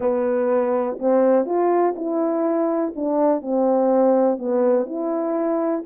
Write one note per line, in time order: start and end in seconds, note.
0.00 0.98 B3
0.99 1.45 C4
1.45 1.94 F4
1.96 2.93 E4
2.95 3.41 D4
3.41 4.38 C4
4.38 4.86 B3
4.86 5.83 E4